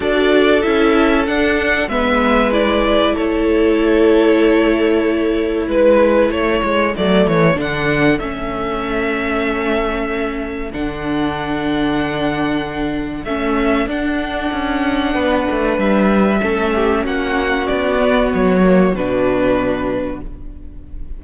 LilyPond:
<<
  \new Staff \with { instrumentName = "violin" } { \time 4/4 \tempo 4 = 95 d''4 e''4 fis''4 e''4 | d''4 cis''2.~ | cis''4 b'4 cis''4 d''8 cis''8 | fis''4 e''2.~ |
e''4 fis''2.~ | fis''4 e''4 fis''2~ | fis''4 e''2 fis''4 | d''4 cis''4 b'2 | }
  \new Staff \with { instrumentName = "violin" } { \time 4/4 a'2. b'4~ | b'4 a'2.~ | a'4 b'4 a'2~ | a'1~ |
a'1~ | a'1 | b'2 a'8 g'8 fis'4~ | fis'1 | }
  \new Staff \with { instrumentName = "viola" } { \time 4/4 fis'4 e'4 d'4 b4 | e'1~ | e'2. a4 | d'4 cis'2.~ |
cis'4 d'2.~ | d'4 cis'4 d'2~ | d'2 cis'2~ | cis'8 b4 ais8 d'2 | }
  \new Staff \with { instrumentName = "cello" } { \time 4/4 d'4 cis'4 d'4 gis4~ | gis4 a2.~ | a4 gis4 a8 gis8 fis8 e8 | d4 a2.~ |
a4 d2.~ | d4 a4 d'4 cis'4 | b8 a8 g4 a4 ais4 | b4 fis4 b,2 | }
>>